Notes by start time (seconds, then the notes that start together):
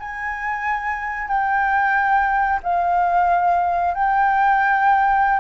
0.00 G#5
1.28 G5
2.63 F5
3.94 G5